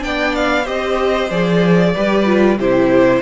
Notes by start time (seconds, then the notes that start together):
0.00 B3 D4 D5 G5
0.35 F5
0.64 C4 G4 C5 D#5
1.30 F3 G#4 D5
1.94 G3 G4 B4
2.25 F4
2.58 C3 E4 G4 C5